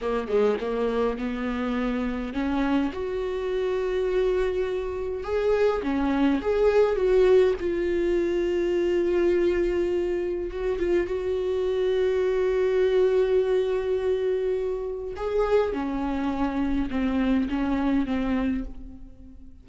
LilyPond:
\new Staff \with { instrumentName = "viola" } { \time 4/4 \tempo 4 = 103 ais8 gis8 ais4 b2 | cis'4 fis'2.~ | fis'4 gis'4 cis'4 gis'4 | fis'4 f'2.~ |
f'2 fis'8 f'8 fis'4~ | fis'1~ | fis'2 gis'4 cis'4~ | cis'4 c'4 cis'4 c'4 | }